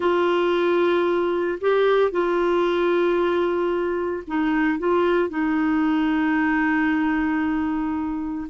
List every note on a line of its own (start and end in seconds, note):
0.00 1.58 F4
1.60 2.11 G4
2.11 4.23 F4
4.27 4.79 D#4
4.79 5.29 F4
5.29 8.47 D#4